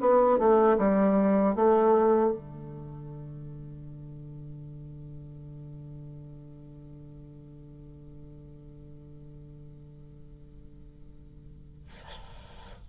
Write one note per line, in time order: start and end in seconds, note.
0.00 0.38 B3
0.38 0.77 A3
0.78 1.55 G3
1.55 2.32 A3
2.32 11.87 D3